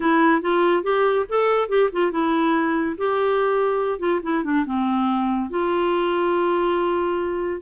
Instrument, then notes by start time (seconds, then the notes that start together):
clarinet
0.00 E4
0.41 F4
0.83 G4
1.28 A4
1.68 G4
1.92 F4
2.11 E4
2.97 G4
3.99 F4
4.23 E4
4.44 D4
4.65 C4
5.49 F4